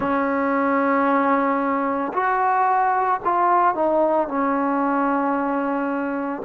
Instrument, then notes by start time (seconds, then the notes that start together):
trombone
0.00 C#4
2.13 F#4
3.24 F4
3.75 D#4
4.28 C#4